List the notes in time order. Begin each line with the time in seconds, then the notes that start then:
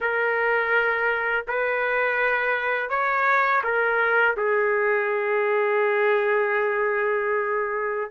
0.00 A#4
1.47 B4
2.89 C#5
3.63 A#4
4.37 G#4